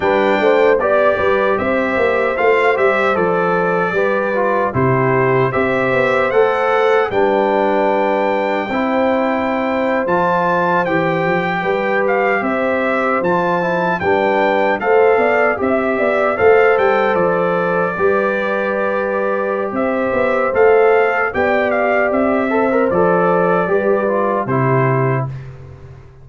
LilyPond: <<
  \new Staff \with { instrumentName = "trumpet" } { \time 4/4 \tempo 4 = 76 g''4 d''4 e''4 f''8 e''8 | d''2 c''4 e''4 | fis''4 g''2.~ | g''8. a''4 g''4. f''8 e''16~ |
e''8. a''4 g''4 f''4 e''16~ | e''8. f''8 g''8 d''2~ d''16~ | d''4 e''4 f''4 g''8 f''8 | e''4 d''2 c''4 | }
  \new Staff \with { instrumentName = "horn" } { \time 4/4 b'8 c''8 d''8 b'8 c''2~ | c''4 b'4 g'4 c''4~ | c''4 b'2 c''4~ | c''2~ c''8. b'4 c''16~ |
c''4.~ c''16 b'4 c''8 d''8 e''16~ | e''16 d''8 c''2 b'4~ b'16~ | b'4 c''2 d''4~ | d''8 c''4. b'4 g'4 | }
  \new Staff \with { instrumentName = "trombone" } { \time 4/4 d'4 g'2 f'8 g'8 | a'4 g'8 f'8 e'4 g'4 | a'4 d'2 e'4~ | e'8. f'4 g'2~ g'16~ |
g'8. f'8 e'8 d'4 a'4 g'16~ | g'8. a'2 g'4~ g'16~ | g'2 a'4 g'4~ | g'8 a'16 ais'16 a'4 g'8 f'8 e'4 | }
  \new Staff \with { instrumentName = "tuba" } { \time 4/4 g8 a8 b8 g8 c'8 ais8 a8 g8 | f4 g4 c4 c'8 b8 | a4 g2 c'4~ | c'8. f4 e8 f8 g4 c'16~ |
c'8. f4 g4 a8 b8 c'16~ | c'16 b8 a8 g8 f4 g4~ g16~ | g4 c'8 b8 a4 b4 | c'4 f4 g4 c4 | }
>>